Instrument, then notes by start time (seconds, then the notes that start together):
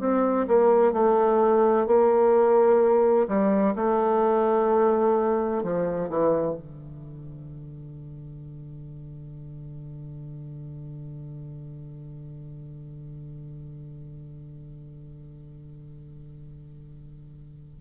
bassoon
0.00 C4
0.48 A#3
0.93 A3
1.87 A#3
3.28 G3
3.75 A3
5.63 F3
6.09 E3
6.55 D3